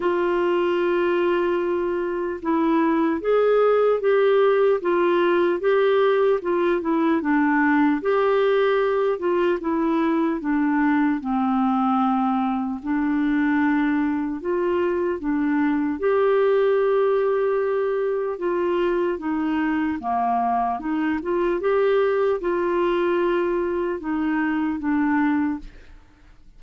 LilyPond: \new Staff \with { instrumentName = "clarinet" } { \time 4/4 \tempo 4 = 75 f'2. e'4 | gis'4 g'4 f'4 g'4 | f'8 e'8 d'4 g'4. f'8 | e'4 d'4 c'2 |
d'2 f'4 d'4 | g'2. f'4 | dis'4 ais4 dis'8 f'8 g'4 | f'2 dis'4 d'4 | }